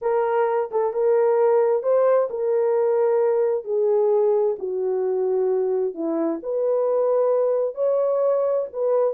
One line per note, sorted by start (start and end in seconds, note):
0.01 0.70 A#4
0.71 0.93 A4
0.93 1.82 A#4
1.82 2.28 C5
2.30 3.64 A#4
3.64 4.56 G#4
4.58 5.94 F#4
5.94 6.40 E4
6.42 7.74 B4
7.74 8.66 C#5
8.72 9.14 B4